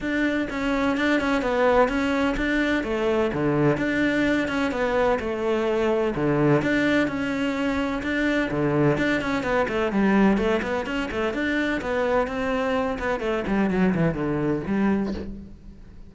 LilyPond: \new Staff \with { instrumentName = "cello" } { \time 4/4 \tempo 4 = 127 d'4 cis'4 d'8 cis'8 b4 | cis'4 d'4 a4 d4 | d'4. cis'8 b4 a4~ | a4 d4 d'4 cis'4~ |
cis'4 d'4 d4 d'8 cis'8 | b8 a8 g4 a8 b8 cis'8 a8 | d'4 b4 c'4. b8 | a8 g8 fis8 e8 d4 g4 | }